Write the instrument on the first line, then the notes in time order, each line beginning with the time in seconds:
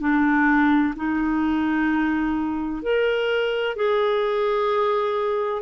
clarinet
0.00 D4
0.96 D#4
2.83 A#4
3.76 G#4